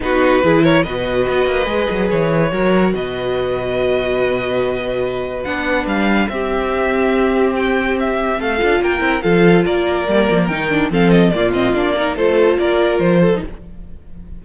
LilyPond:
<<
  \new Staff \with { instrumentName = "violin" } { \time 4/4 \tempo 4 = 143 b'4. cis''8 dis''2~ | dis''4 cis''2 dis''4~ | dis''1~ | dis''4 fis''4 f''4 e''4~ |
e''2 g''4 e''4 | f''4 g''4 f''4 d''4~ | d''4 g''4 f''8 dis''8 d''8 dis''8 | d''4 c''4 d''4 c''4 | }
  \new Staff \with { instrumentName = "violin" } { \time 4/4 fis'4 gis'8 ais'8 b'2~ | b'2 ais'4 b'4~ | b'1~ | b'2. g'4~ |
g'1 | a'4 ais'4 a'4 ais'4~ | ais'2 a'4 f'4~ | f'8 ais'8 a'4 ais'4. a'8 | }
  \new Staff \with { instrumentName = "viola" } { \time 4/4 dis'4 e'4 fis'2 | gis'2 fis'2~ | fis'1~ | fis'4 d'2 c'4~ |
c'1~ | c'8 f'4 e'8 f'2 | ais4 dis'8 d'8 c'4 ais8 c'8 | d'8 dis'8 f'2~ f'8. dis'16 | }
  \new Staff \with { instrumentName = "cello" } { \time 4/4 b4 e4 b,4 b8 ais8 | gis8 fis8 e4 fis4 b,4~ | b,1~ | b,4 b4 g4 c'4~ |
c'1 | a8 d'8 ais8 c'8 f4 ais4 | g8 f8 dis4 f4 ais,4 | ais4 a4 ais4 f4 | }
>>